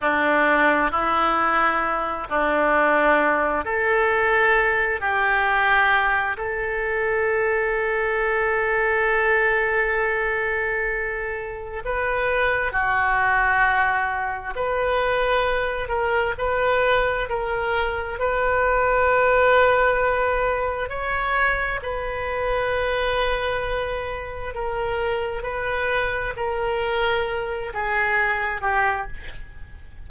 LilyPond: \new Staff \with { instrumentName = "oboe" } { \time 4/4 \tempo 4 = 66 d'4 e'4. d'4. | a'4. g'4. a'4~ | a'1~ | a'4 b'4 fis'2 |
b'4. ais'8 b'4 ais'4 | b'2. cis''4 | b'2. ais'4 | b'4 ais'4. gis'4 g'8 | }